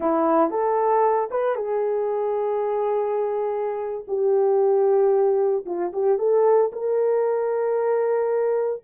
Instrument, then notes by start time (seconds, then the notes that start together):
horn
0.00 E4
0.50 A4
1.30 B4
1.55 G#4
4.07 G4
5.65 F4
5.92 G4
6.18 A4
6.72 A#4